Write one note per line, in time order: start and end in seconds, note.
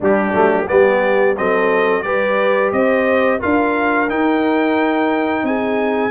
0.00 0.33 G3
0.00 0.32 G3
0.00 0.68 D4
0.00 0.67 G4
0.32 0.67 F#3
0.32 0.66 A3
0.67 1.38 G3
0.67 1.35 B3
0.67 1.37 G4
0.67 1.36 D5
1.37 2.04 F#3
1.37 2.04 C4
1.37 2.05 A4
1.37 2.02 D#5
2.02 2.72 G3
2.02 3.39 G4
2.02 2.73 B4
2.02 2.70 D5
2.72 3.40 C4
2.72 3.39 C5
2.72 3.40 D#5
3.39 4.10 D4
3.39 4.08 F4
3.39 5.44 A#4
3.39 4.09 F5
4.09 6.10 D#4
4.09 5.43 D#4
4.09 5.45 G5
5.43 6.10 C4
5.43 6.10 G#4
5.43 6.10 G#5